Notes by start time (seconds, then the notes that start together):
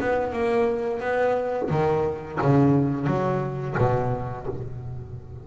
0.00 B3
0.33 A#3
1.00 B3
1.70 D#3
2.41 C#3
3.07 F#3
3.78 B2